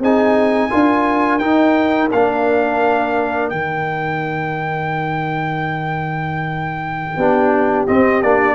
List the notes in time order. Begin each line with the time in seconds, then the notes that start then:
0.00 C4 D#4 G#4 G#5
0.71 D4 F4 A#4
1.39 D#4 G5
2.12 A#3 D4 F5
3.50 D#3 D#4 G5
7.17 B3 D4 G4
7.88 C4 D#5
8.23 A#3 D4 D5